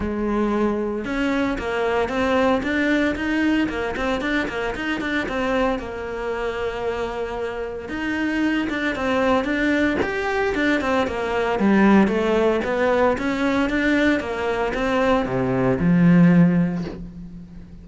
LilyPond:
\new Staff \with { instrumentName = "cello" } { \time 4/4 \tempo 4 = 114 gis2 cis'4 ais4 | c'4 d'4 dis'4 ais8 c'8 | d'8 ais8 dis'8 d'8 c'4 ais4~ | ais2. dis'4~ |
dis'8 d'8 c'4 d'4 g'4 | d'8 c'8 ais4 g4 a4 | b4 cis'4 d'4 ais4 | c'4 c4 f2 | }